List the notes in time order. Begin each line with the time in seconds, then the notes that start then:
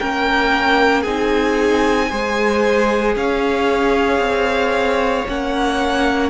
0.00 A#3 C#4 A#4 G5
1.02 C4 D#4 G#4 G#5
2.10 G#3 G#4 C5
3.16 C#4 C#5 F5
4.19 C4
5.28 A#3 C#4 F#5